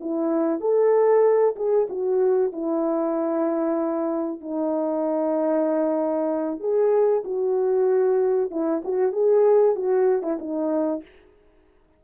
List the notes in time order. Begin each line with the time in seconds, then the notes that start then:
0.00 E4
0.60 A4
1.56 G#4
1.89 F#4
2.52 E4
4.40 D#4
6.60 G#4
7.24 F#4
8.51 E4
8.84 F#4
9.12 G#4
9.76 F#4
10.22 E4
10.39 D#4